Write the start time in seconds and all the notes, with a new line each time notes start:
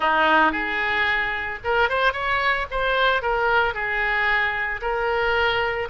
0.00 D#4
0.52 G#4
1.63 A#4
1.89 C5
2.12 C#5
2.70 C5
3.22 A#4
3.74 G#4
4.81 A#4